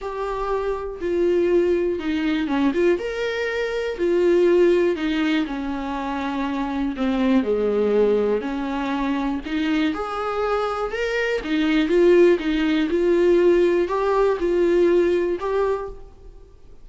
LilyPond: \new Staff \with { instrumentName = "viola" } { \time 4/4 \tempo 4 = 121 g'2 f'2 | dis'4 cis'8 f'8 ais'2 | f'2 dis'4 cis'4~ | cis'2 c'4 gis4~ |
gis4 cis'2 dis'4 | gis'2 ais'4 dis'4 | f'4 dis'4 f'2 | g'4 f'2 g'4 | }